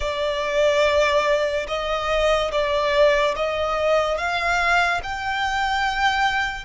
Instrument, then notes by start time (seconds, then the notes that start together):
violin
0.00 D5
1.67 D#5
2.51 D5
3.36 D#5
4.17 F5
5.03 G5